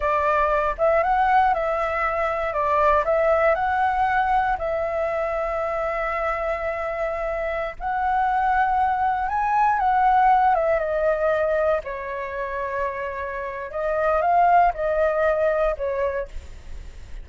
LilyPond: \new Staff \with { instrumentName = "flute" } { \time 4/4 \tempo 4 = 118 d''4. e''8 fis''4 e''4~ | e''4 d''4 e''4 fis''4~ | fis''4 e''2.~ | e''2.~ e''16 fis''8.~ |
fis''2~ fis''16 gis''4 fis''8.~ | fis''8. e''8 dis''2 cis''8.~ | cis''2. dis''4 | f''4 dis''2 cis''4 | }